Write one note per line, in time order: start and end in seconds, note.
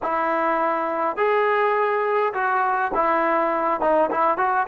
0.02 1.16 E4
1.16 2.33 G#4
2.33 2.91 F#4
2.94 3.80 E4
3.80 4.10 D#4
4.10 4.37 E4
4.37 4.66 F#4